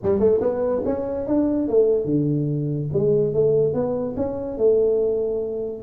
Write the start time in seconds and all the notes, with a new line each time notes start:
0.02 G3
0.19 A3
0.41 B3
0.85 C#4
1.26 D4
1.67 A3
2.05 D3
2.93 G#3
3.33 A3
3.73 B3
4.16 C#4
4.57 A3